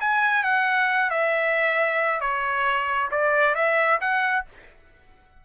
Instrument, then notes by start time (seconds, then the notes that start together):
trumpet
0.00 G#5
0.43 F#5
1.10 E5
2.21 C#5
3.11 D5
3.55 E5
4.00 F#5